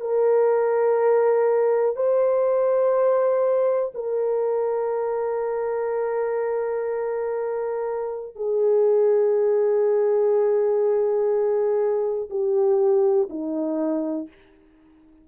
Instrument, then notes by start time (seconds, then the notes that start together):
horn
0.00 A#4
1.96 C5
3.94 A#4
8.36 G#4
12.30 G4
13.30 D#4